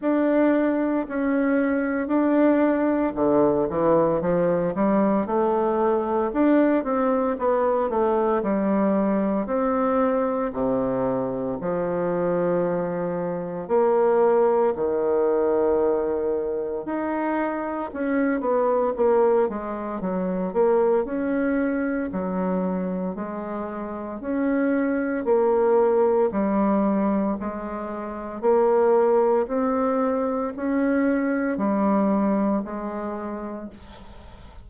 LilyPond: \new Staff \with { instrumentName = "bassoon" } { \time 4/4 \tempo 4 = 57 d'4 cis'4 d'4 d8 e8 | f8 g8 a4 d'8 c'8 b8 a8 | g4 c'4 c4 f4~ | f4 ais4 dis2 |
dis'4 cis'8 b8 ais8 gis8 fis8 ais8 | cis'4 fis4 gis4 cis'4 | ais4 g4 gis4 ais4 | c'4 cis'4 g4 gis4 | }